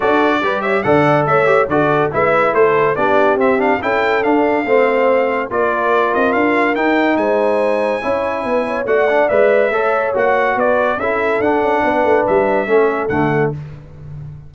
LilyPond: <<
  \new Staff \with { instrumentName = "trumpet" } { \time 4/4 \tempo 4 = 142 d''4. e''8 fis''4 e''4 | d''4 e''4 c''4 d''4 | e''8 f''8 g''4 f''2~ | f''4 d''4. dis''8 f''4 |
g''4 gis''2.~ | gis''4 fis''4 e''2 | fis''4 d''4 e''4 fis''4~ | fis''4 e''2 fis''4 | }
  \new Staff \with { instrumentName = "horn" } { \time 4/4 a'4 b'8 cis''8 d''4 cis''4 | a'4 b'4 a'4 g'4~ | g'4 a'2 c''4~ | c''4 ais'2.~ |
ais'4 c''2 cis''4 | b'8 cis''8 d''2 cis''4~ | cis''4 b'4 a'2 | b'2 a'2 | }
  \new Staff \with { instrumentName = "trombone" } { \time 4/4 fis'4 g'4 a'4. g'8 | fis'4 e'2 d'4 | c'8 d'8 e'4 d'4 c'4~ | c'4 f'2. |
dis'2. e'4~ | e'4 fis'8 d'8 b'4 a'4 | fis'2 e'4 d'4~ | d'2 cis'4 a4 | }
  \new Staff \with { instrumentName = "tuba" } { \time 4/4 d'4 g4 d4 a4 | d4 gis4 a4 b4 | c'4 cis'4 d'4 a4~ | a4 ais4. c'8 d'4 |
dis'4 gis2 cis'4 | b4 a4 gis4 a4 | ais4 b4 cis'4 d'8 cis'8 | b8 a8 g4 a4 d4 | }
>>